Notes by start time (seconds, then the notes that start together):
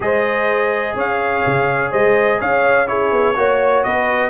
0.00 G#3 G#4 C5 D#5
0.95 C#4 C#5 F5
1.45 C#3
1.91 G#3 C5 D#5
2.40 C#4 C#5 F5
2.86 E4 G#4 C#5
3.12 B3
3.35 A#3 F#4 C#5
3.83 B3 B4 D#5